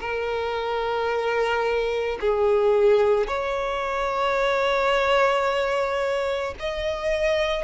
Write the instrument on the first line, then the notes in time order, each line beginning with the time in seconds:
violin
0.00 A#4
2.21 G#4
3.27 C#5
6.59 D#5